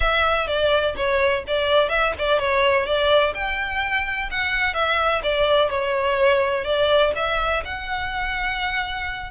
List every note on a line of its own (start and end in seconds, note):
0.00 0.47 E5
0.47 0.94 D5
0.96 1.44 C#5
1.47 1.89 D5
1.89 2.13 E5
2.18 2.39 D5
2.39 2.86 C#5
2.86 3.33 D5
3.34 4.29 G5
4.30 4.74 F#5
4.74 5.21 E5
5.23 5.69 D5
5.69 6.64 C#5
6.64 7.12 D5
7.15 7.63 E5
7.65 9.31 F#5